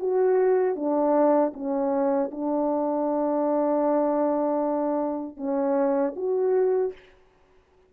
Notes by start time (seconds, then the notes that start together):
0.00 F#4
0.76 D4
1.54 C#4
2.31 D4
5.37 C#4
6.16 F#4